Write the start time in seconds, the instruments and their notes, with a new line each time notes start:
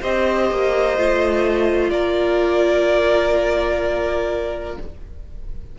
0.00 cello C4, viola G4, violin C5 D#5
0.51 cello A#3
0.97 cello A3, viola F4
1.90 cello A#3, violin A#4 D5